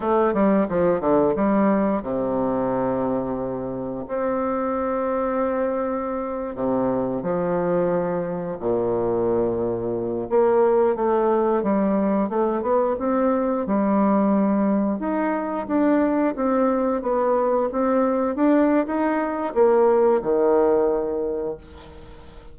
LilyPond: \new Staff \with { instrumentName = "bassoon" } { \time 4/4 \tempo 4 = 89 a8 g8 f8 d8 g4 c4~ | c2 c'2~ | c'4.~ c'16 c4 f4~ f16~ | f8. ais,2~ ais,8 ais8.~ |
ais16 a4 g4 a8 b8 c'8.~ | c'16 g2 dis'4 d'8.~ | d'16 c'4 b4 c'4 d'8. | dis'4 ais4 dis2 | }